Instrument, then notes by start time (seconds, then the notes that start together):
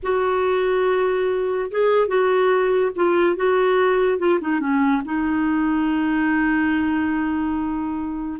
clarinet
0.02 F#4
1.70 G#4
2.07 F#4
2.95 F4
3.36 F#4
4.18 F4
4.40 D#4
4.60 C#4
5.04 D#4